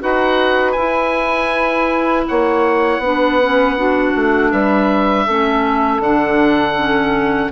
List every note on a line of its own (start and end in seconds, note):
0.00 0.77 D#4
0.00 0.75 F#4
0.00 2.27 B4
0.00 0.72 F#5
0.72 2.27 E4
0.72 3.02 E4
0.72 2.22 G#5
2.27 2.98 A#3
2.27 3.02 C#5
2.27 4.52 F#5
2.98 4.11 B3
2.98 3.41 D4
2.98 3.76 B4
3.41 3.77 C#4
3.76 5.27 D4
3.76 4.51 F#4
4.16 4.53 A3
4.51 5.28 G3
4.51 5.25 B4
4.51 6.02 E5
5.25 6.00 A3
5.25 6.03 C#4
5.25 7.50 A4
6.00 7.50 D3
6.00 6.77 D4
6.00 7.52 F#5
6.77 7.52 C#4